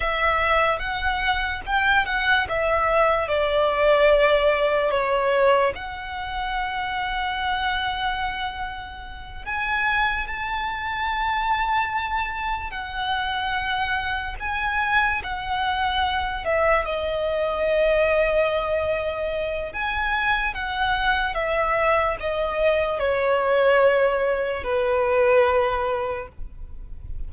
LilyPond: \new Staff \with { instrumentName = "violin" } { \time 4/4 \tempo 4 = 73 e''4 fis''4 g''8 fis''8 e''4 | d''2 cis''4 fis''4~ | fis''2.~ fis''8 gis''8~ | gis''8 a''2. fis''8~ |
fis''4. gis''4 fis''4. | e''8 dis''2.~ dis''8 | gis''4 fis''4 e''4 dis''4 | cis''2 b'2 | }